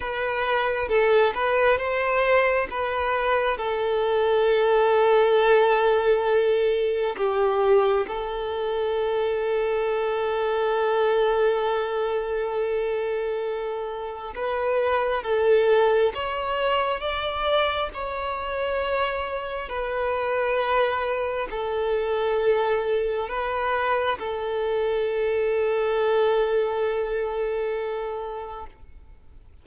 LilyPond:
\new Staff \with { instrumentName = "violin" } { \time 4/4 \tempo 4 = 67 b'4 a'8 b'8 c''4 b'4 | a'1 | g'4 a'2.~ | a'1 |
b'4 a'4 cis''4 d''4 | cis''2 b'2 | a'2 b'4 a'4~ | a'1 | }